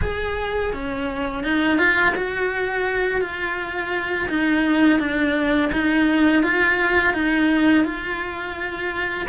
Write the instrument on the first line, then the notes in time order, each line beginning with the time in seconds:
cello
0.01 G#4
0.73 C#4
1.43 D#4
1.78 F4
2.15 F#4
3.21 F4
4.28 D#4
4.99 D4
5.72 D#4
6.43 F4
7.13 D#4
7.84 F4